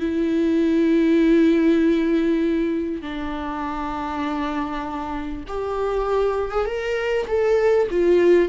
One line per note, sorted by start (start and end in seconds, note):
0.00 3.02 E4
3.02 5.44 D4
5.48 6.52 G4
6.52 6.66 G#4
6.66 7.26 A#4
7.28 7.88 A4
7.91 8.49 F4